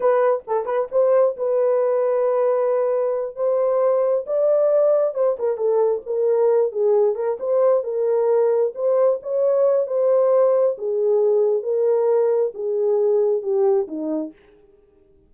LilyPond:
\new Staff \with { instrumentName = "horn" } { \time 4/4 \tempo 4 = 134 b'4 a'8 b'8 c''4 b'4~ | b'2.~ b'8 c''8~ | c''4. d''2 c''8 | ais'8 a'4 ais'4. gis'4 |
ais'8 c''4 ais'2 c''8~ | c''8 cis''4. c''2 | gis'2 ais'2 | gis'2 g'4 dis'4 | }